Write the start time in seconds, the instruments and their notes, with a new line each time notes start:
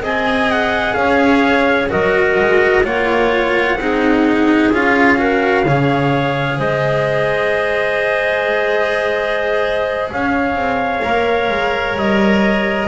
0.00 double bass C4, cello G#4, clarinet D#5, trumpet G#5
0.51 trumpet F#5
0.94 double bass C#4, clarinet C#5, trumpet F5
1.90 double bass F#3, cello F#4, clarinet A#4, trumpet D#5
2.40 double bass G#3
2.84 double bass A#3, cello F4, clarinet C#5, trumpet F#5
3.76 double bass C4, cello D#4, clarinet G#4
4.71 double bass C#4, cello F4, trumpet F5
5.17 cello F#4, clarinet A#4
5.65 double bass C#3, cello G#4, clarinet C#5
6.58 double bass G#3, clarinet C5, trumpet D#5
10.12 double bass C#4, clarinet C#5, trumpet F5
10.55 double bass C4
11.02 double bass A#3, cello A#4
11.50 double bass G#3
11.96 double bass G3, trumpet D#5